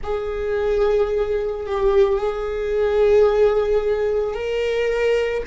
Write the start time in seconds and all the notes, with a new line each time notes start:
0.03 G#4
1.66 G4
2.18 G#4
4.34 A#4